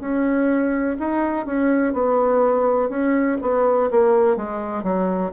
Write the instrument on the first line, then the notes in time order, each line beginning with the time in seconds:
bassoon
0.00 C#4
0.99 D#4
1.46 C#4
1.93 B3
2.89 C#4
3.41 B3
3.91 A#3
4.36 G#3
4.83 F#3